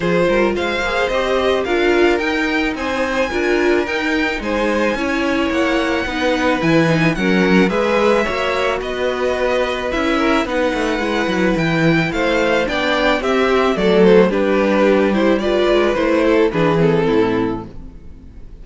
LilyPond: <<
  \new Staff \with { instrumentName = "violin" } { \time 4/4 \tempo 4 = 109 c''4 f''4 dis''4 f''4 | g''4 gis''2 g''4 | gis''2 fis''2 | gis''4 fis''4 e''2 |
dis''2 e''4 fis''4~ | fis''4 g''4 f''4 g''4 | e''4 d''8 c''8 b'4. c''8 | d''4 c''4 b'8 a'4. | }
  \new Staff \with { instrumentName = "violin" } { \time 4/4 gis'8 ais'8 c''2 ais'4~ | ais'4 c''4 ais'2 | c''4 cis''2 b'4~ | b'4 ais'4 b'4 cis''4 |
b'2~ b'8 ais'8 b'4~ | b'2 c''4 d''4 | g'4 a'4 g'2 | b'4. a'8 gis'4 e'4 | }
  \new Staff \with { instrumentName = "viola" } { \time 4/4 f'4. gis'8 g'4 f'4 | dis'2 f'4 dis'4~ | dis'4 e'2 dis'4 | e'8 dis'8 cis'4 gis'4 fis'4~ |
fis'2 e'4 dis'4 | e'2. d'4 | c'4 a4 d'4. e'8 | f'4 e'4 d'8 c'4. | }
  \new Staff \with { instrumentName = "cello" } { \time 4/4 f8 g8 gis8 ais8 c'4 d'4 | dis'4 c'4 d'4 dis'4 | gis4 cis'4 ais4 b4 | e4 fis4 gis4 ais4 |
b2 cis'4 b8 a8 | gis8 fis8 e4 a4 b4 | c'4 fis4 g2~ | g8 gis8 a4 e4 a,4 | }
>>